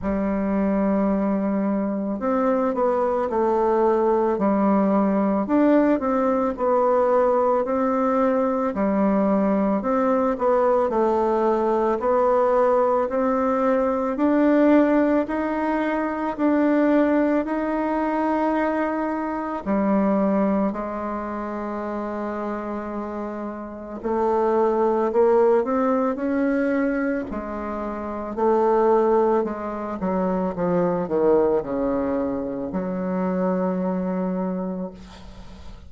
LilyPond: \new Staff \with { instrumentName = "bassoon" } { \time 4/4 \tempo 4 = 55 g2 c'8 b8 a4 | g4 d'8 c'8 b4 c'4 | g4 c'8 b8 a4 b4 | c'4 d'4 dis'4 d'4 |
dis'2 g4 gis4~ | gis2 a4 ais8 c'8 | cis'4 gis4 a4 gis8 fis8 | f8 dis8 cis4 fis2 | }